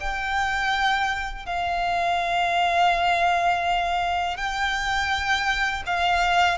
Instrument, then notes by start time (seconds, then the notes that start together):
violin
0.00 G5
1.46 F5
4.37 G5
5.86 F5